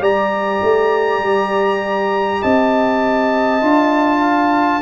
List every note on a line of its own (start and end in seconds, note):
0.00 0.60 G3
0.00 3.60 G4
0.00 2.41 D5
0.00 2.43 A#5
0.63 1.20 A3
1.20 2.40 G3
2.42 3.62 C4
2.42 4.21 D#5
2.42 4.82 A5
3.61 4.82 D4
3.61 4.81 F4
4.21 4.81 F5